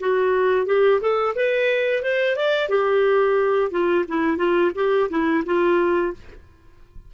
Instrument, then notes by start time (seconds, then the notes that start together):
clarinet
0.00 F#4
0.66 G4
1.01 A4
1.35 B4
2.03 C5
2.36 D5
2.69 G4
3.71 F4
4.08 E4
4.37 F4
4.75 G4
5.10 E4
5.45 F4